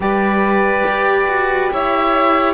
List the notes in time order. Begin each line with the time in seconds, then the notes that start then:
0.00 G3 G4 B4 D5
0.86 G4
1.27 F#4
1.72 E4 C#5 E5